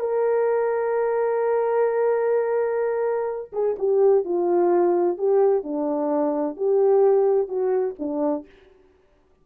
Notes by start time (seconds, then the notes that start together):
0.00 A#4
3.53 G#4
3.79 G4
4.25 F4
5.18 G4
5.64 D4
6.57 G4
7.49 F#4
7.99 D4